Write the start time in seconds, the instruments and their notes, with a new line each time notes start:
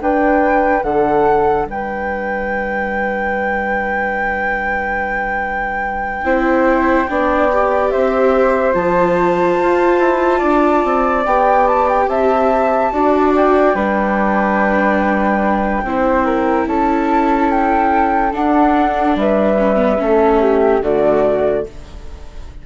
0.00 bassoon D4, viola D4, flute B4 G5
0.82 bassoon D3, flute A4 F#5
1.65 bassoon G3, flute B4 G5
6.23 bassoon C4, viola E4, flute C5
7.09 bassoon B3, viola D4, flute D5
7.52 viola G4
7.90 bassoon C4, flute C5 E5
8.73 bassoon F3, viola F4, flute A5
9.60 bassoon F4
9.98 bassoon E4
10.38 bassoon D4, flute D5
10.84 bassoon C4
11.26 bassoon B3, viola G4, flute G5
11.67 flute A5
11.88 flute G5
12.07 bassoon C4, flute E5 A5
12.92 bassoon D4, viola F#4, flute D5
13.36 flute G5
13.74 bassoon G3, viola D4, flute B4
15.83 bassoon C4, viola E4, flute C5
16.25 flute A#4
16.66 bassoon C#4, flute A4 A5
17.50 flute G5
18.32 viola D4, bassoon D4, flute F#5
19.15 bassoon G3, flute B4 E5
19.58 viola C#4
19.76 viola B3
19.98 bassoon A3, viola C#4, flute A4
20.40 flute G4
20.81 bassoon D3, viola A3, flute F#4 D5